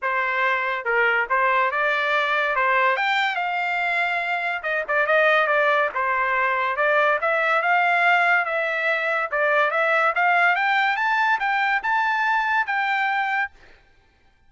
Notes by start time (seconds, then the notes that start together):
0.02 C5
0.84 A#4
1.29 C5
1.71 D5
2.55 C5
2.96 G5
3.35 F5
4.62 D#5
4.87 D5
5.06 D#5
5.47 D5
5.94 C5
6.76 D5
7.21 E5
7.62 F5
8.45 E5
9.31 D5
9.71 E5
10.15 F5
10.55 G5
10.96 A5
11.39 G5
11.82 A5
12.66 G5